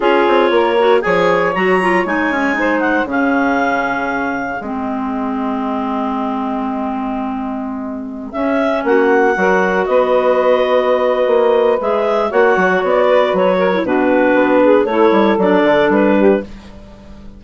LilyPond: <<
  \new Staff \with { instrumentName = "clarinet" } { \time 4/4 \tempo 4 = 117 cis''2 gis''4 ais''4 | gis''4. fis''8 f''2~ | f''4 dis''2.~ | dis''1~ |
dis''16 e''4 fis''2 dis''8.~ | dis''2. e''4 | fis''4 d''4 cis''4 b'4~ | b'4 cis''4 d''4 b'4 | }
  \new Staff \with { instrumentName = "saxophone" } { \time 4/4 gis'4 ais'4 cis''2~ | cis''4 c''4 gis'2~ | gis'1~ | gis'1~ |
gis'4~ gis'16 fis'4 ais'4 b'8.~ | b'1 | cis''4. b'4 ais'8 fis'4~ | fis'8 gis'8 a'2~ a'8 g'8 | }
  \new Staff \with { instrumentName = "clarinet" } { \time 4/4 f'4. fis'8 gis'4 fis'8 f'8 | dis'8 cis'8 dis'4 cis'2~ | cis'4 c'2.~ | c'1~ |
c'16 cis'2 fis'4.~ fis'16~ | fis'2. gis'4 | fis'2~ fis'8. e'16 d'4~ | d'4 e'4 d'2 | }
  \new Staff \with { instrumentName = "bassoon" } { \time 4/4 cis'8 c'8 ais4 f4 fis4 | gis2 cis2~ | cis4 gis2.~ | gis1~ |
gis16 cis'4 ais4 fis4 b8.~ | b2 ais4 gis4 | ais8 fis8 b4 fis4 b,4 | b4 a8 g8 fis8 d8 g4 | }
>>